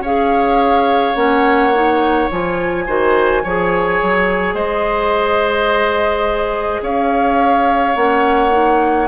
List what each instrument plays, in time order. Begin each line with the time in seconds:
0.00 bassoon C#4, clarinet G#4, oboe C#5, flute F5
1.15 bassoon A#3, clarinet C#4, flute F#5
1.74 clarinet D#4
2.31 bassoon F3, clarinet F4, flute G#5
2.86 bassoon D#3, clarinet F#4, oboe C5
3.44 bassoon F3, clarinet G#4, oboe C#5
4.02 bassoon F#3
4.54 bassoon G#3, oboe C5, flute D#5
6.82 bassoon C#4, oboe C#5, flute F5
7.95 bassoon A#3, clarinet C#4, flute F#5
8.51 clarinet D#4